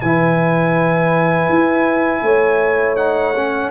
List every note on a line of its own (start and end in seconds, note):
0.00 1.49 E3
0.00 2.97 E4
0.00 2.23 B4
0.00 2.96 G#5
1.49 2.22 E4
2.22 3.70 A3
2.22 3.71 C#5
2.96 3.34 D#4
2.96 3.70 F#5
3.36 3.71 C#4